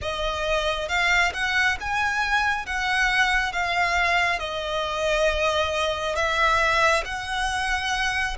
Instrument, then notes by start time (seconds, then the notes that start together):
violin
0.01 D#5
0.88 F5
1.33 F#5
1.80 G#5
2.66 F#5
3.52 F5
4.39 D#5
6.15 E5
7.04 F#5